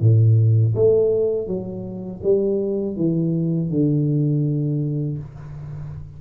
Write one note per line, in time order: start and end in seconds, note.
0.00 0.74 A2
0.75 1.47 A3
1.47 2.21 F#3
2.23 2.96 G3
2.96 3.70 E3
3.70 5.18 D3